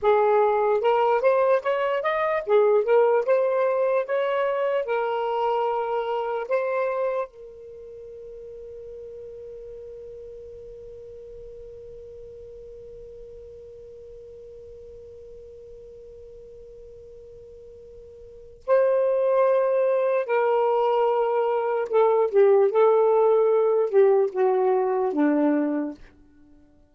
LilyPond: \new Staff \with { instrumentName = "saxophone" } { \time 4/4 \tempo 4 = 74 gis'4 ais'8 c''8 cis''8 dis''8 gis'8 ais'8 | c''4 cis''4 ais'2 | c''4 ais'2.~ | ais'1~ |
ais'1~ | ais'2. c''4~ | c''4 ais'2 a'8 g'8 | a'4. g'8 fis'4 d'4 | }